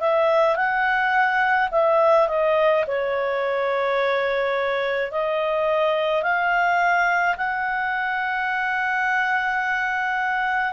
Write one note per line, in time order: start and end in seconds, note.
0.00 0.56 E5
0.56 1.69 F#5
1.71 2.27 E5
2.27 2.84 D#5
2.87 5.11 C#5
5.11 6.22 D#5
6.22 7.35 F5
7.36 10.72 F#5